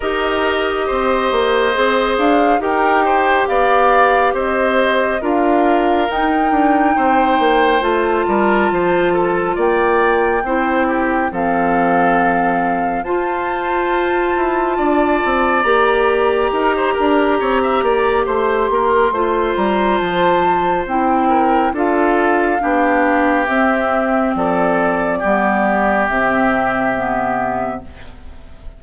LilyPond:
<<
  \new Staff \with { instrumentName = "flute" } { \time 4/4 \tempo 4 = 69 dis''2~ dis''8 f''8 g''4 | f''4 dis''4 f''4 g''4~ | g''4 a''2 g''4~ | g''4 f''2 a''4~ |
a''2 ais''2~ | ais''4 c'''4. ais''8 a''4 | g''4 f''2 e''4 | d''2 e''2 | }
  \new Staff \with { instrumentName = "oboe" } { \time 4/4 ais'4 c''2 ais'8 c''8 | d''4 c''4 ais'2 | c''4. ais'8 c''8 a'8 d''4 | c''8 g'8 a'2 c''4~ |
c''4 d''2 ais'16 c''16 ais'8 | cis''16 e''16 d''8 c''8 ais'8 c''2~ | c''8 ais'8 a'4 g'2 | a'4 g'2. | }
  \new Staff \with { instrumentName = "clarinet" } { \time 4/4 g'2 gis'4 g'4~ | g'2 f'4 dis'4~ | dis'4 f'2. | e'4 c'2 f'4~ |
f'2 g'2~ | g'2 f'2 | e'4 f'4 d'4 c'4~ | c'4 b4 c'4 b4 | }
  \new Staff \with { instrumentName = "bassoon" } { \time 4/4 dis'4 c'8 ais8 c'8 d'8 dis'4 | b4 c'4 d'4 dis'8 d'8 | c'8 ais8 a8 g8 f4 ais4 | c'4 f2 f'4~ |
f'8 e'8 d'8 c'8 ais4 dis'8 d'8 | c'8 ais8 a8 ais8 a8 g8 f4 | c'4 d'4 b4 c'4 | f4 g4 c2 | }
>>